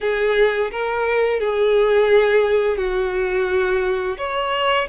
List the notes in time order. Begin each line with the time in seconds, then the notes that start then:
0.00 G#4
0.71 A#4
1.40 G#4
2.77 F#4
4.17 C#5